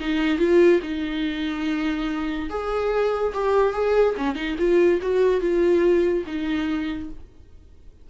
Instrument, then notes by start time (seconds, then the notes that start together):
viola
0.00 D#4
0.38 F4
0.82 D#4
2.50 G#4
3.34 G4
3.73 G#4
4.17 C#4
4.35 D#4
4.58 F4
5.02 F#4
5.41 F4
6.26 D#4